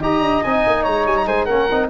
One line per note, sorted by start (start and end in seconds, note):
0.00 0.20 D#4
0.00 0.44 G4
0.00 0.82 D#5
0.00 0.43 A#5
0.20 0.41 D4
0.43 0.66 C4
0.43 1.49 D#4
0.43 0.84 G#5
0.66 0.86 A#3
0.82 1.05 G#3
0.82 1.24 C#5
0.82 1.05 A#5
1.05 1.26 G3
1.05 1.16 G#5
1.16 1.27 A#5
1.26 1.47 G#3
1.26 1.45 C5
1.26 1.45 G#5
1.45 1.70 A#3
1.45 1.70 C#4
1.45 1.87 A#4
1.45 1.87 F#5
1.70 1.89 C4
1.70 1.89 D#4